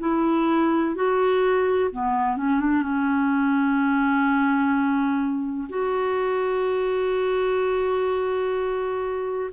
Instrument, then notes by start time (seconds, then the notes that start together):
clarinet
0.00 E4
0.95 F#4
1.91 B3
2.37 C#4
2.60 D4
2.83 C#4
5.69 F#4